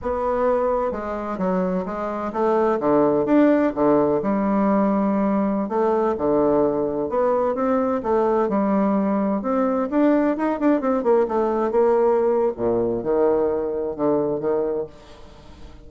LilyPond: \new Staff \with { instrumentName = "bassoon" } { \time 4/4 \tempo 4 = 129 b2 gis4 fis4 | gis4 a4 d4 d'4 | d4 g2.~ | g16 a4 d2 b8.~ |
b16 c'4 a4 g4.~ g16~ | g16 c'4 d'4 dis'8 d'8 c'8 ais16~ | ais16 a4 ais4.~ ais16 ais,4 | dis2 d4 dis4 | }